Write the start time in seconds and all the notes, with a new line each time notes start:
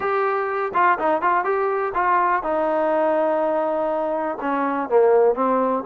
0.00 G4
0.73 F4
0.98 D#4
1.21 F4
1.44 G4
1.94 F4
2.42 D#4
4.40 C#4
4.89 A#3
5.34 C4